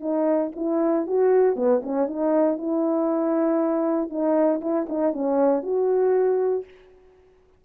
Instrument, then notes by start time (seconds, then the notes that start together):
horn
0.00 D#4
0.55 E4
1.06 F#4
1.56 B3
1.83 C#4
2.07 D#4
2.57 E4
4.10 D#4
4.61 E4
4.89 D#4
5.13 C#4
5.63 F#4